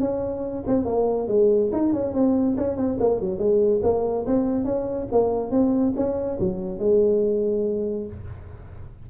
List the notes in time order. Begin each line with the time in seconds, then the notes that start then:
0.00 C#4
0.67 C4
0.85 A#3
1.28 G#3
1.72 D#4
1.93 C#4
2.14 C4
2.57 C#4
2.76 C4
3.00 A#3
3.20 F#3
3.38 G#3
3.83 A#3
4.26 C4
4.65 C#4
5.11 A#3
5.51 C4
5.96 C#4
6.40 F#3
6.79 G#3